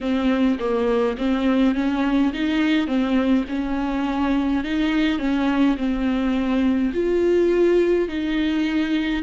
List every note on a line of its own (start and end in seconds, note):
0.01 0.58 C4
0.59 1.16 A#3
1.17 1.75 C4
1.75 2.32 C#4
2.33 2.87 D#4
2.87 3.45 C4
3.48 4.64 C#4
4.64 5.19 D#4
5.19 5.76 C#4
5.77 6.92 C4
6.93 8.08 F4
8.08 9.23 D#4